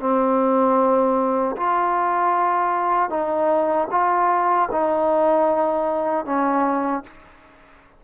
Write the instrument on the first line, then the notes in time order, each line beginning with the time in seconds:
trombone
0.00 C4
1.57 F4
3.10 D#4
3.91 F4
4.71 D#4
6.26 C#4